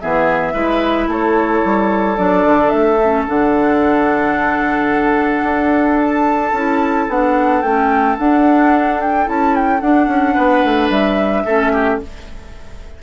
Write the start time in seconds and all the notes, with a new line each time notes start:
0.00 E3 B3 G#4 E5
0.53 G#3 E4 B4
1.07 A3 A4 C#5
1.65 G3
2.16 F#3 D4 D5
2.46 D3
2.69 A3 E5
3.04 C#4
3.27 D3 D4 F#5
5.43 D4
6.01 A5
6.53 C#4 E4
7.08 B3 D4 F#5
7.62 A3 C#4 G5
8.18 D4 F#5
9.01 G5
9.25 C#4 E4 A5
9.55 G5
9.81 D4 F#5
10.07 C#4
10.34 B3 B4
10.64 A3
10.90 G3 E5
11.45 A3 C#4 A4
11.72 G4